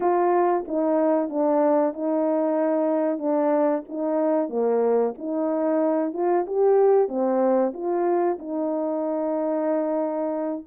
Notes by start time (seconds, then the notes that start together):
0.00 F4
0.67 D#4
1.29 D4
1.93 D#4
3.18 D4
3.88 D#4
4.49 A#3
5.18 D#4
6.13 F4
6.46 G4
7.08 C4
7.73 F4
8.38 D#4